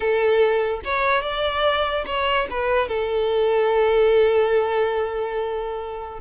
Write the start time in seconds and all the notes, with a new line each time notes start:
0.00 A4
0.84 C#5
1.22 D5
2.05 C#5
2.50 B4
2.88 A4